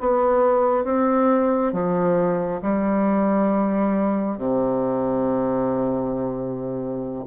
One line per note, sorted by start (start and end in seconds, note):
0.00 0.84 B3
0.84 1.72 C4
1.72 2.61 F3
2.61 4.38 G3
4.38 7.25 C3